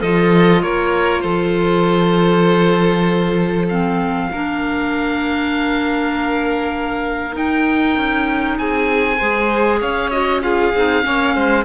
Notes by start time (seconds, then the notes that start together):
0.00 F3 F4 A4 D#5
0.62 A#3 A#4 C#5
1.21 F3 A4 C5
3.68 C4 F5
4.31 A#3 D4 A#4
7.32 D#4 G5
7.96 C#4
8.58 C4 G#4 G#5
9.17 G#3 G#4 C5
9.80 C#4 C#5 F5
10.10 F#4 D#5
10.41 F4 G#4 F5
10.74 C4 D#4
11.02 A#3 C#4 C#5
11.35 G#3 C5